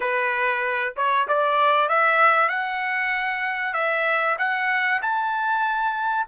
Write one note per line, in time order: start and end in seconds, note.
0.00 0.94 B4
0.96 1.27 C#5
1.28 1.88 D5
1.88 2.48 E5
2.48 3.73 F#5
3.73 4.36 E5
4.38 5.01 F#5
5.02 6.27 A5